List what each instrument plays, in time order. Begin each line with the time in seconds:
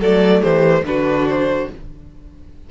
0.00 cello F#3, viola A3, violin A4 D5
0.41 cello E3, violin G4 C5
0.83 cello D3, viola D4, violin F#4 B4
1.28 violin C5